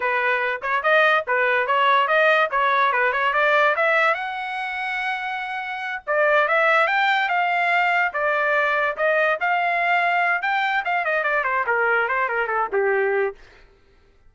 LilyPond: \new Staff \with { instrumentName = "trumpet" } { \time 4/4 \tempo 4 = 144 b'4. cis''8 dis''4 b'4 | cis''4 dis''4 cis''4 b'8 cis''8 | d''4 e''4 fis''2~ | fis''2~ fis''8 d''4 e''8~ |
e''8 g''4 f''2 d''8~ | d''4. dis''4 f''4.~ | f''4 g''4 f''8 dis''8 d''8 c''8 | ais'4 c''8 ais'8 a'8 g'4. | }